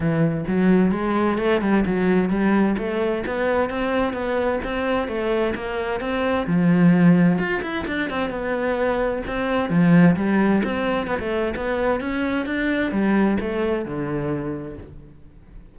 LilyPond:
\new Staff \with { instrumentName = "cello" } { \time 4/4 \tempo 4 = 130 e4 fis4 gis4 a8 g8 | fis4 g4 a4 b4 | c'4 b4 c'4 a4 | ais4 c'4 f2 |
f'8 e'8 d'8 c'8 b2 | c'4 f4 g4 c'4 | b16 a8. b4 cis'4 d'4 | g4 a4 d2 | }